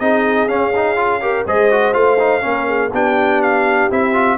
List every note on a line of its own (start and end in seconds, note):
0.00 0.48 C4
0.00 0.49 D#4
0.00 1.22 G#4
0.00 0.48 D#5
0.48 1.45 C#4
0.48 0.74 C#4
0.48 1.46 F5
0.76 0.97 D#4
0.97 1.21 F4
1.21 1.46 G4
1.21 1.46 A#4
1.46 1.95 G#3
1.46 1.71 G#4
1.46 2.44 C5
1.46 1.94 D#5
1.71 1.93 F#4
1.93 2.44 A3
1.93 2.18 F4
1.93 2.91 F5
2.19 2.42 D#4
2.42 2.93 A#3
2.42 2.90 C#4
2.42 2.68 A#4
2.68 2.92 G#4
2.93 3.90 B3
2.93 3.91 D4
2.93 4.38 G4
2.93 3.42 G5
3.42 3.91 F5
3.90 4.38 C4
3.90 4.14 E4
3.90 4.38 E5
4.14 4.38 F4